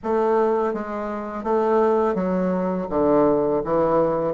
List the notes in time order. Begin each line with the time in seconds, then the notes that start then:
0.03 A3
0.73 G#3
1.43 A3
2.15 F#3
2.89 D3
3.64 E3